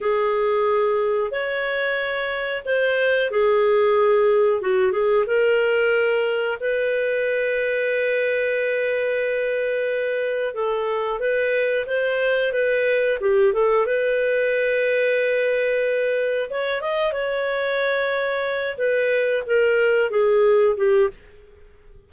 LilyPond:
\new Staff \with { instrumentName = "clarinet" } { \time 4/4 \tempo 4 = 91 gis'2 cis''2 | c''4 gis'2 fis'8 gis'8 | ais'2 b'2~ | b'1 |
a'4 b'4 c''4 b'4 | g'8 a'8 b'2.~ | b'4 cis''8 dis''8 cis''2~ | cis''8 b'4 ais'4 gis'4 g'8 | }